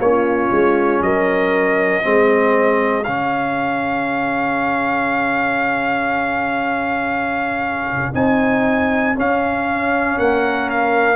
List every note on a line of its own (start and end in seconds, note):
0.00 0.51 A#3
0.00 2.03 C#4
0.00 1.04 F4
0.00 1.03 C#5
0.52 1.01 G#3
1.01 2.03 F#3
1.01 2.05 A#4
1.01 3.04 D#5
2.03 3.07 G#3
2.03 3.04 C4
2.03 10.18 G#4
3.04 8.15 C#3
3.04 8.14 C#4
3.04 8.13 F5
8.14 9.16 C4
8.14 9.15 D#4
8.14 9.17 G#5
9.15 11.16 C#4
9.15 10.19 C#4
9.15 10.19 F5
10.18 11.16 A#3
10.18 11.16 A#4
10.18 10.70 F#5
10.70 11.16 F5